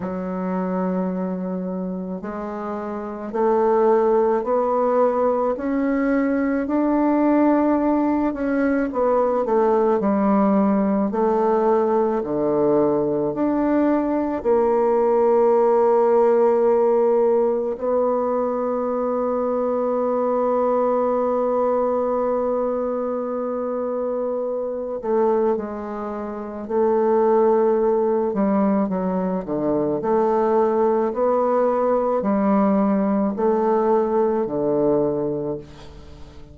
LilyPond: \new Staff \with { instrumentName = "bassoon" } { \time 4/4 \tempo 4 = 54 fis2 gis4 a4 | b4 cis'4 d'4. cis'8 | b8 a8 g4 a4 d4 | d'4 ais2. |
b1~ | b2~ b8 a8 gis4 | a4. g8 fis8 d8 a4 | b4 g4 a4 d4 | }